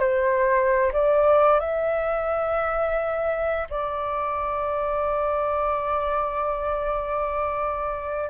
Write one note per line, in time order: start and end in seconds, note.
0.00 0.92 C5
0.93 1.60 D5
1.60 3.68 E5
3.70 8.30 D5